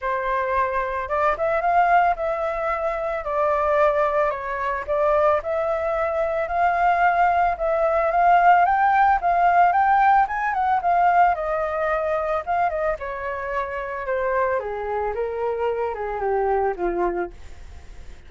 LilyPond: \new Staff \with { instrumentName = "flute" } { \time 4/4 \tempo 4 = 111 c''2 d''8 e''8 f''4 | e''2 d''2 | cis''4 d''4 e''2 | f''2 e''4 f''4 |
g''4 f''4 g''4 gis''8 fis''8 | f''4 dis''2 f''8 dis''8 | cis''2 c''4 gis'4 | ais'4. gis'8 g'4 f'4 | }